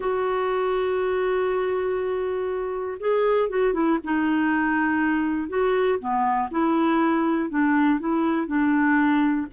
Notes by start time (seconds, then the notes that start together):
0.00 F#4
2.99 G#4
3.49 F#4
3.73 E4
4.04 D#4
5.48 F#4
5.99 B3
6.50 E4
7.49 D4
7.99 E4
8.47 D4